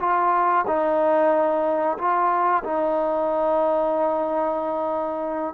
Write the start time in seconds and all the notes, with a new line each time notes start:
0.00 F4
0.67 D#4
1.98 F4
2.64 D#4